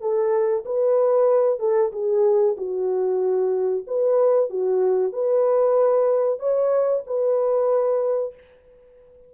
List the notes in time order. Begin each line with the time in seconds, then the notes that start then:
0.00 A4
0.65 B4
1.59 A4
1.92 G#4
2.57 F#4
3.86 B4
4.49 F#4
5.12 B4
6.39 C#5
7.06 B4